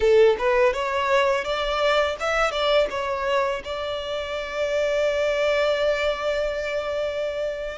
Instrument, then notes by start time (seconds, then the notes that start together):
violin
0.00 A4
0.38 B4
0.73 C#5
1.44 D5
2.19 E5
2.51 D5
2.89 C#5
3.64 D5